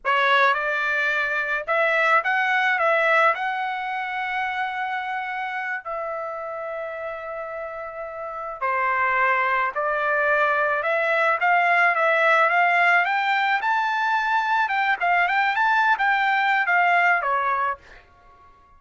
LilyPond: \new Staff \with { instrumentName = "trumpet" } { \time 4/4 \tempo 4 = 108 cis''4 d''2 e''4 | fis''4 e''4 fis''2~ | fis''2~ fis''8 e''4.~ | e''2.~ e''8 c''8~ |
c''4. d''2 e''8~ | e''8 f''4 e''4 f''4 g''8~ | g''8 a''2 g''8 f''8 g''8 | a''8. g''4~ g''16 f''4 cis''4 | }